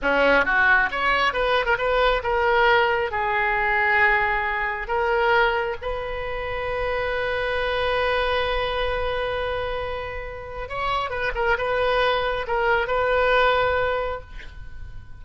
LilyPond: \new Staff \with { instrumentName = "oboe" } { \time 4/4 \tempo 4 = 135 cis'4 fis'4 cis''4 b'8. ais'16 | b'4 ais'2 gis'4~ | gis'2. ais'4~ | ais'4 b'2.~ |
b'1~ | b'1 | cis''4 b'8 ais'8 b'2 | ais'4 b'2. | }